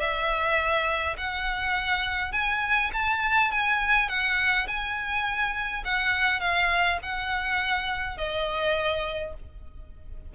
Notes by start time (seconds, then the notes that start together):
0.00 E5
1.18 F#5
2.32 G#5
2.93 A5
3.51 G#5
4.09 F#5
4.67 G#5
5.85 F#5
6.41 F5
7.03 F#5
8.17 D#5